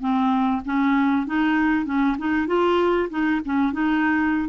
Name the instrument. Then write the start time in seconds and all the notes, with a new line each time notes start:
clarinet
0.00 C4
0.65 C#4
1.27 D#4
1.86 C#4
2.18 D#4
2.47 F4
3.10 D#4
3.45 C#4
3.73 D#4